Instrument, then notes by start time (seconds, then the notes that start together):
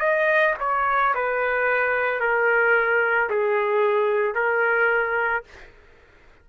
trumpet
0.00 D#5
0.60 C#5
1.15 B4
2.21 A#4
3.30 G#4
4.35 A#4